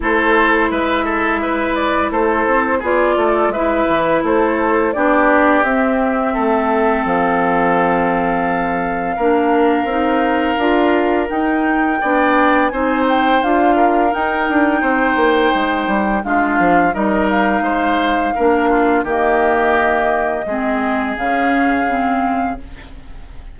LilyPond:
<<
  \new Staff \with { instrumentName = "flute" } { \time 4/4 \tempo 4 = 85 c''4 e''4. d''8 c''4 | d''4 e''4 c''4 d''4 | e''2 f''2~ | f''1 |
g''2 gis''8 g''8 f''4 | g''2. f''4 | dis''8 f''2~ f''8 dis''4~ | dis''2 f''2 | }
  \new Staff \with { instrumentName = "oboe" } { \time 4/4 a'4 b'8 a'8 b'4 a'4 | gis'8 a'8 b'4 a'4 g'4~ | g'4 a'2.~ | a'4 ais'2.~ |
ais'4 d''4 c''4. ais'8~ | ais'4 c''2 f'4 | ais'4 c''4 ais'8 f'8 g'4~ | g'4 gis'2. | }
  \new Staff \with { instrumentName = "clarinet" } { \time 4/4 e'1 | f'4 e'2 d'4 | c'1~ | c'4 d'4 dis'4 f'4 |
dis'4 d'4 dis'4 f'4 | dis'2. d'4 | dis'2 d'4 ais4~ | ais4 c'4 cis'4 c'4 | }
  \new Staff \with { instrumentName = "bassoon" } { \time 4/4 a4 gis2 a8 c'8 | b8 a8 gis8 e8 a4 b4 | c'4 a4 f2~ | f4 ais4 c'4 d'4 |
dis'4 b4 c'4 d'4 | dis'8 d'8 c'8 ais8 gis8 g8 gis8 f8 | g4 gis4 ais4 dis4~ | dis4 gis4 cis2 | }
>>